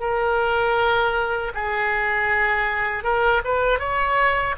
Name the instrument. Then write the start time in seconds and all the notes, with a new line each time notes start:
oboe
0.00 A#4
1.55 G#4
3.04 A#4
3.45 B4
3.79 C#5